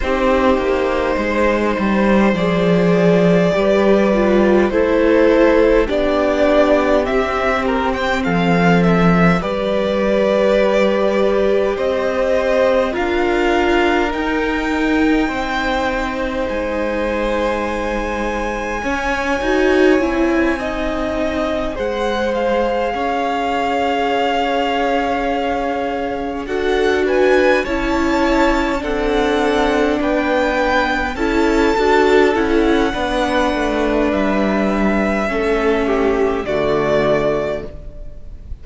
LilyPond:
<<
  \new Staff \with { instrumentName = "violin" } { \time 4/4 \tempo 4 = 51 c''2 d''2 | c''4 d''4 e''8 ais'16 g''16 f''8 e''8 | d''2 dis''4 f''4 | g''2 gis''2~ |
gis''2~ gis''8 fis''8 f''4~ | f''2~ f''8 fis''8 gis''8 a''8~ | a''8 fis''4 g''4 a''4 fis''8~ | fis''4 e''2 d''4 | }
  \new Staff \with { instrumentName = "violin" } { \time 4/4 g'4 c''2 b'4 | a'4 g'2 a'4 | b'2 c''4 ais'4~ | ais'4 c''2. |
cis''4. dis''4 c''4 cis''8~ | cis''2~ cis''8 a'8 b'8 cis''8~ | cis''8 a'4 b'4 a'4. | b'2 a'8 g'8 fis'4 | }
  \new Staff \with { instrumentName = "viola" } { \time 4/4 dis'2 gis'4 g'8 f'8 | e'4 d'4 c'2 | g'2. f'4 | dis'1 |
cis'8 fis'8 e'8 dis'4 gis'4.~ | gis'2~ gis'8 fis'4 e'8~ | e'8 d'2 e'8 fis'8 e'8 | d'2 cis'4 a4 | }
  \new Staff \with { instrumentName = "cello" } { \time 4/4 c'8 ais8 gis8 g8 f4 g4 | a4 b4 c'4 f4 | g2 c'4 d'4 | dis'4 c'4 gis2 |
cis'8 dis'8 c'4. gis4 cis'8~ | cis'2~ cis'8 d'4 cis'8~ | cis'8 c'4 b4 cis'8 d'8 cis'8 | b8 a8 g4 a4 d4 | }
>>